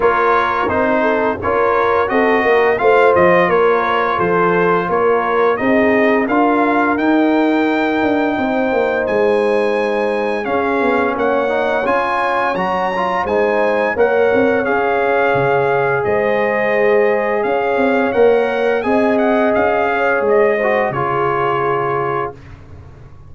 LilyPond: <<
  \new Staff \with { instrumentName = "trumpet" } { \time 4/4 \tempo 4 = 86 cis''4 c''4 cis''4 dis''4 | f''8 dis''8 cis''4 c''4 cis''4 | dis''4 f''4 g''2~ | g''4 gis''2 f''4 |
fis''4 gis''4 ais''4 gis''4 | fis''4 f''2 dis''4~ | dis''4 f''4 fis''4 gis''8 fis''8 | f''4 dis''4 cis''2 | }
  \new Staff \with { instrumentName = "horn" } { \time 4/4 ais'4. a'8 ais'4 a'8 ais'8 | c''4 ais'4 a'4 ais'4 | gis'4 ais'2. | c''2. gis'4 |
cis''2. c''4 | cis''2. c''4~ | c''4 cis''2 dis''4~ | dis''8 cis''4 c''8 gis'2 | }
  \new Staff \with { instrumentName = "trombone" } { \time 4/4 f'4 dis'4 f'4 fis'4 | f'1 | dis'4 f'4 dis'2~ | dis'2. cis'4~ |
cis'8 dis'8 f'4 fis'8 f'8 dis'4 | ais'4 gis'2.~ | gis'2 ais'4 gis'4~ | gis'4. fis'8 f'2 | }
  \new Staff \with { instrumentName = "tuba" } { \time 4/4 ais4 c'4 cis'4 c'8 ais8 | a8 f8 ais4 f4 ais4 | c'4 d'4 dis'4. d'8 | c'8 ais8 gis2 cis'8 b8 |
ais4 cis'4 fis4 gis4 | ais8 c'8 cis'4 cis4 gis4~ | gis4 cis'8 c'8 ais4 c'4 | cis'4 gis4 cis2 | }
>>